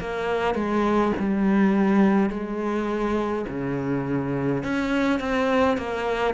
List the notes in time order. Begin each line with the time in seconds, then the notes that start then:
0.00 A#3
0.55 G#3
1.20 G3
2.30 G#3
3.48 C#3
4.63 C#4
5.20 C4
5.77 A#3